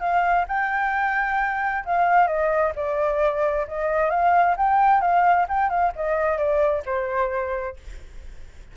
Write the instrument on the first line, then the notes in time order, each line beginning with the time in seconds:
flute
0.00 F5
0.48 G5
1.85 F5
2.27 D#5
2.76 D5
3.68 D#5
4.10 F5
4.57 G5
5.01 F5
5.49 G5
5.70 F5
5.95 D#5
6.38 D5
6.86 C5